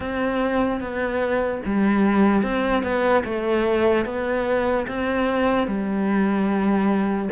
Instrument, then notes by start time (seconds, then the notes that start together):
cello
0.00 C4
0.80 B3
1.65 G3
2.43 C4
2.83 B3
3.24 A3
4.05 B3
4.87 C4
5.67 G3